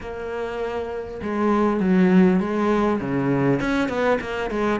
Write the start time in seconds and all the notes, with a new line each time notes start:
0.01 A#3
1.22 G#3
1.79 F#3
2.40 G#3
3.00 C#3
3.60 C#4
3.88 B3
4.20 A#3
4.50 G#3